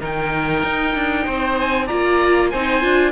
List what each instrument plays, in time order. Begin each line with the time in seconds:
0.00 cello D#3, viola D#4, oboe A#4 G5
0.63 cello D#4
0.95 cello D4
1.26 cello C4, oboe C5
1.60 oboe G#5
1.86 cello A#3, viola F4, oboe D5 A#5
2.50 cello C4, viola D#4, oboe C5 G#5
2.81 cello D4, viola F4